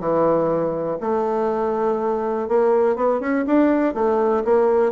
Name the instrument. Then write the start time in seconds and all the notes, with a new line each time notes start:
bassoon
0.00 E3
1.01 A3
2.49 A#3
2.96 B3
3.21 C#4
3.47 D4
3.95 A3
4.45 A#3